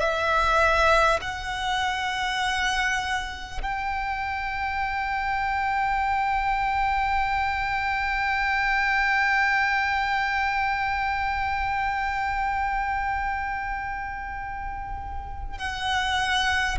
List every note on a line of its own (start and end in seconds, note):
0.00 1.20 E5
1.22 3.62 F#5
3.62 15.58 G5
15.58 16.78 F#5